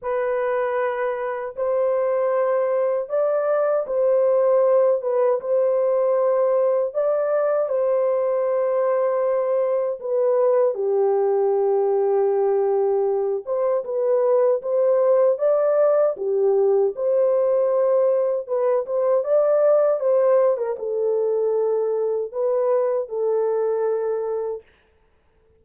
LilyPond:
\new Staff \with { instrumentName = "horn" } { \time 4/4 \tempo 4 = 78 b'2 c''2 | d''4 c''4. b'8 c''4~ | c''4 d''4 c''2~ | c''4 b'4 g'2~ |
g'4. c''8 b'4 c''4 | d''4 g'4 c''2 | b'8 c''8 d''4 c''8. ais'16 a'4~ | a'4 b'4 a'2 | }